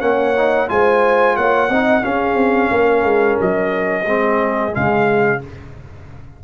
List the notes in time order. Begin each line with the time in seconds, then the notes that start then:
0.00 A#3 C#4 C#5 F#5
0.37 D#4
0.68 G#3 F4 C5 G#5
1.37 A#3 C#5 F#5
1.69 C4 D#4 D#5
2.02 C#4 G#4 F5
2.35 C4
2.71 A#3 A#4
3.04 G#3
3.41 F#3 D#5
4.05 G#3 C4 G#4
4.71 C#3 G#3 F5